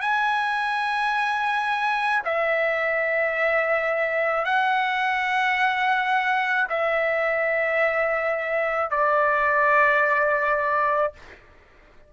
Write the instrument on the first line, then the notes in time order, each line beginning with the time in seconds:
trumpet
0.00 G#5
2.25 E5
4.45 F#5
6.69 E5
8.90 D5